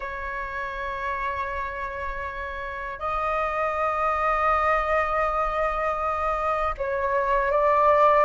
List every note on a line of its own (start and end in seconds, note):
0.00 2.99 C#5
2.99 6.74 D#5
6.77 7.51 C#5
7.51 8.25 D5